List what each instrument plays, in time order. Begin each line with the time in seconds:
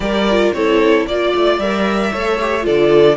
0.00 cello G3, viola G4, violin A#4 D5
0.30 viola F4
0.53 cello C4, viola E4, violin A4 C#5
1.06 cello A#3, viola F4, violin D5
1.35 cello A3
1.58 cello G3, viola A#4, violin E5
2.12 cello A3, viola A4, violin C#5
2.40 viola G4
2.61 cello D3, viola F4, violin A4 D5